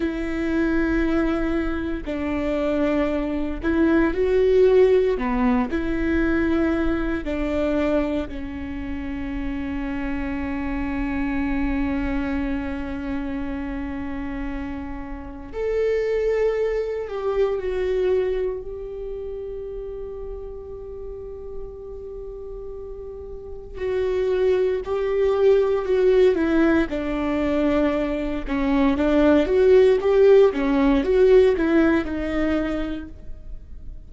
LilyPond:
\new Staff \with { instrumentName = "viola" } { \time 4/4 \tempo 4 = 58 e'2 d'4. e'8 | fis'4 b8 e'4. d'4 | cis'1~ | cis'2. a'4~ |
a'8 g'8 fis'4 g'2~ | g'2. fis'4 | g'4 fis'8 e'8 d'4. cis'8 | d'8 fis'8 g'8 cis'8 fis'8 e'8 dis'4 | }